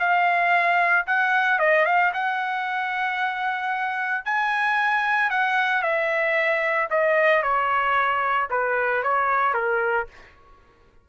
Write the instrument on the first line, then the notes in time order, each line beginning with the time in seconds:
trumpet
0.00 F5
1.07 F#5
1.60 D#5
1.86 F5
2.14 F#5
4.26 G#5
5.31 F#5
5.83 E5
6.91 D#5
7.43 C#5
8.51 B4
9.03 C#5
9.54 A#4